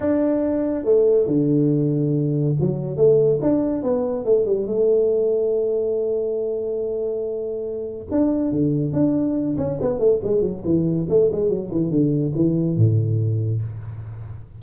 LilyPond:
\new Staff \with { instrumentName = "tuba" } { \time 4/4 \tempo 4 = 141 d'2 a4 d4~ | d2 fis4 a4 | d'4 b4 a8 g8 a4~ | a1~ |
a2. d'4 | d4 d'4. cis'8 b8 a8 | gis8 fis8 e4 a8 gis8 fis8 e8 | d4 e4 a,2 | }